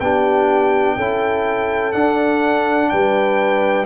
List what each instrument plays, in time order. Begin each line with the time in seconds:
0.00 tuba B3, trombone D4, horn G4, trumpet G5
0.96 tuba C#4, trombone E4, horn A4
1.93 trombone D4, tuba D4, trumpet F#5
2.89 tuba G3, horn B4, trumpet G5